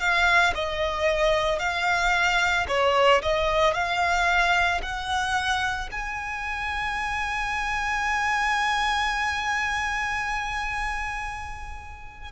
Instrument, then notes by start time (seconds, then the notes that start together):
violin
0.00 F5
0.55 D#5
1.59 F5
2.68 C#5
3.22 D#5
3.74 F5
4.82 F#5
5.91 G#5